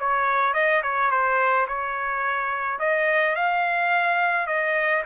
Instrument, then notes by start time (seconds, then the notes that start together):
trumpet
0.00 C#5
0.54 D#5
0.84 C#5
1.11 C5
1.68 C#5
2.80 D#5
3.36 F5
4.47 D#5